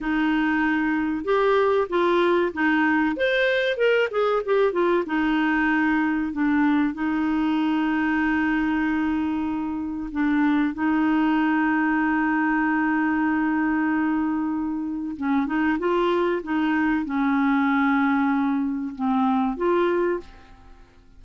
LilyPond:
\new Staff \with { instrumentName = "clarinet" } { \time 4/4 \tempo 4 = 95 dis'2 g'4 f'4 | dis'4 c''4 ais'8 gis'8 g'8 f'8 | dis'2 d'4 dis'4~ | dis'1 |
d'4 dis'2.~ | dis'1 | cis'8 dis'8 f'4 dis'4 cis'4~ | cis'2 c'4 f'4 | }